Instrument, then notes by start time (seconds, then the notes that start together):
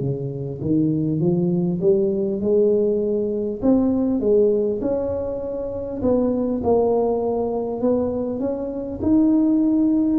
tuba
0.00 C#3
0.61 D#3
1.20 F3
1.81 G3
2.40 G#3
3.62 C4
4.20 G#3
4.81 C#4
6.02 B3
6.63 A#3
7.81 B3
8.39 C#4
9.02 D#4